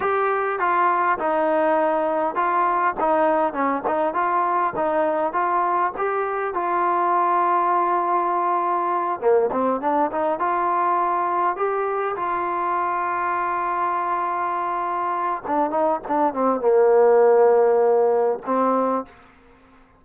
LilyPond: \new Staff \with { instrumentName = "trombone" } { \time 4/4 \tempo 4 = 101 g'4 f'4 dis'2 | f'4 dis'4 cis'8 dis'8 f'4 | dis'4 f'4 g'4 f'4~ | f'2.~ f'8 ais8 |
c'8 d'8 dis'8 f'2 g'8~ | g'8 f'2.~ f'8~ | f'2 d'8 dis'8 d'8 c'8 | ais2. c'4 | }